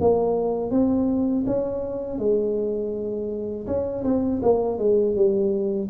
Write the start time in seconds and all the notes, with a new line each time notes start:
0.00 A#3
0.71 C4
1.46 C#4
2.18 G#3
3.67 C#4
4.04 C4
4.42 A#3
4.78 G#3
5.15 G3